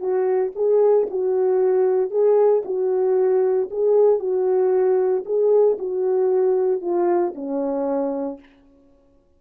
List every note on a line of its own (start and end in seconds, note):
0.00 0.52 F#4
0.55 1.08 G#4
1.11 2.11 F#4
2.11 2.63 G#4
2.65 3.69 F#4
3.71 4.20 G#4
4.20 5.24 F#4
5.26 5.78 G#4
5.79 6.82 F#4
6.82 7.34 F4
7.35 8.40 C#4